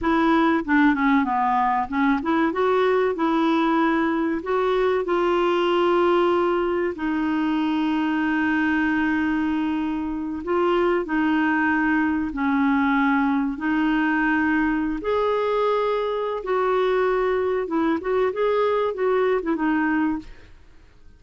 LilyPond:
\new Staff \with { instrumentName = "clarinet" } { \time 4/4 \tempo 4 = 95 e'4 d'8 cis'8 b4 cis'8 e'8 | fis'4 e'2 fis'4 | f'2. dis'4~ | dis'1~ |
dis'8 f'4 dis'2 cis'8~ | cis'4. dis'2~ dis'16 gis'16~ | gis'2 fis'2 | e'8 fis'8 gis'4 fis'8. e'16 dis'4 | }